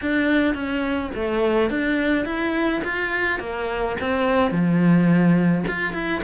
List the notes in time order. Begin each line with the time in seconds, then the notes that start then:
0.01 D4
0.54 C#4
1.14 A3
1.70 D4
2.25 E4
2.84 F4
3.39 A#3
4.00 C4
4.51 F3
5.67 F4
5.93 E4